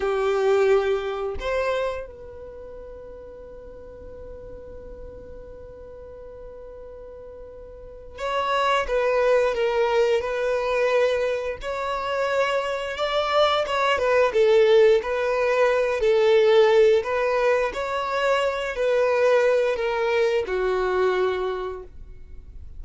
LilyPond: \new Staff \with { instrumentName = "violin" } { \time 4/4 \tempo 4 = 88 g'2 c''4 b'4~ | b'1~ | b'1 | cis''4 b'4 ais'4 b'4~ |
b'4 cis''2 d''4 | cis''8 b'8 a'4 b'4. a'8~ | a'4 b'4 cis''4. b'8~ | b'4 ais'4 fis'2 | }